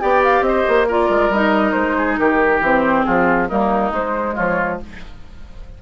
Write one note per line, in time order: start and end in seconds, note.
0.00 0.41 B3
0.00 0.87 G4
0.00 0.45 D5
0.00 0.22 G5
0.23 0.43 F5
0.41 0.63 C4
0.41 0.86 D#5
0.47 0.87 C5
0.68 1.09 A#3
0.87 1.32 F4
0.87 1.96 A#4
0.87 1.33 D5
1.09 1.29 G#3
1.29 1.72 G3
1.29 2.63 D#4
1.29 1.72 D#5
1.72 2.18 G#3
1.72 2.15 C5
1.97 2.19 G#4
2.17 2.60 D#3
2.17 3.06 G4
2.17 2.61 A#4
2.60 3.04 E3
2.60 3.49 C4
2.60 3.03 C5
3.03 3.50 F3
3.03 3.48 F4
3.03 3.47 G#4
3.48 3.91 G3
3.48 3.92 A#3
3.48 4.34 D#4
3.48 3.92 A#4
3.91 4.34 G#3
3.91 4.80 G#3
3.91 4.36 C5
4.34 4.82 F3
4.34 4.78 F4
4.34 4.80 C#5